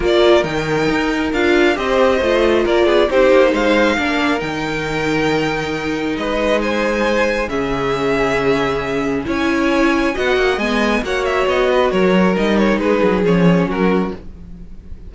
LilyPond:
<<
  \new Staff \with { instrumentName = "violin" } { \time 4/4 \tempo 4 = 136 d''4 g''2 f''4 | dis''2 d''4 c''4 | f''2 g''2~ | g''2 dis''4 gis''4~ |
gis''4 e''2.~ | e''4 gis''2 fis''4 | gis''4 fis''8 e''8 dis''4 cis''4 | dis''8 cis''8 b'4 cis''4 ais'4 | }
  \new Staff \with { instrumentName = "violin" } { \time 4/4 ais'1 | c''2 ais'8 gis'8 g'4 | c''4 ais'2.~ | ais'2 b'4 c''4~ |
c''4 gis'2.~ | gis'4 cis''2 dis''4~ | dis''4 cis''4. b'8 ais'4~ | ais'4 gis'2 fis'4 | }
  \new Staff \with { instrumentName = "viola" } { \time 4/4 f'4 dis'2 f'4 | g'4 f'2 dis'4~ | dis'4 d'4 dis'2~ | dis'1~ |
dis'4 cis'2.~ | cis'4 e'2 fis'4 | b4 fis'2. | dis'2 cis'2 | }
  \new Staff \with { instrumentName = "cello" } { \time 4/4 ais4 dis4 dis'4 d'4 | c'4 a4 ais8 b8 c'8 ais8 | gis4 ais4 dis2~ | dis2 gis2~ |
gis4 cis2.~ | cis4 cis'2 b8 ais8 | gis4 ais4 b4 fis4 | g4 gis8 fis8 f4 fis4 | }
>>